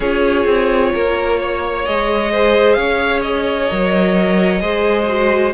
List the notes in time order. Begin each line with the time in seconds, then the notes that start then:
0.00 C#4 F4 G#4 C#5
0.45 C4
0.93 A#3 A#4
1.39 C#5
1.85 G#3 G#4 D#5
2.32 C5
2.73 C#4 C#5 F5
3.21 D#5
3.69 F#3 A#4
4.60 G#3 G#4 C5
5.08 F#4